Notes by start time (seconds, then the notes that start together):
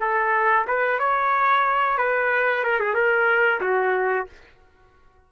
0.00 A4
0.67 B4
0.99 C#5
1.98 B4
2.64 A#4
2.80 G#4
2.94 A#4
3.61 F#4